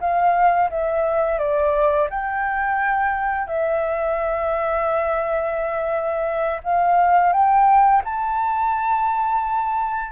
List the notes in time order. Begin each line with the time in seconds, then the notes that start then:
0.00 F5
0.70 E5
1.39 D5
2.09 G5
3.47 E5
6.63 F5
7.32 G5
8.05 A5